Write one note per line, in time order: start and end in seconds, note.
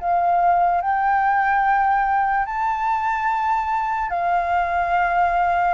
0.00 0.81 F5
0.81 2.45 G5
2.45 4.10 A5
4.10 5.74 F5